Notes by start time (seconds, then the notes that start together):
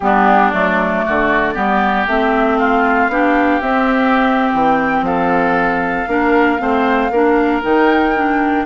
0.00 G3 B3 D4 G4
0.50 F#3 A3 D5
1.05 D3 F#4
1.53 G3 B3 G4
2.06 A3 C4 E5
2.57 F4 F5
3.08 B3 D4 G4
3.61 C4 E5
4.52 E3 G5
5.01 F3 A4 F5
6.07 A#3 D4 A#4
6.58 A3 C4 C5
7.10 A#3 D4 A#4
7.62 D#3 D#4 G5
8.15 D4